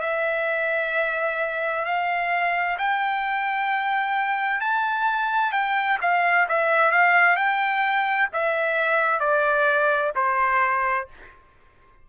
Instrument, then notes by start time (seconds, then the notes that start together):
trumpet
0.00 E5
1.85 F5
2.78 G5
4.60 A5
5.52 G5
6.01 F5
6.48 E5
6.91 F5
7.36 G5
8.32 E5
9.19 D5
10.15 C5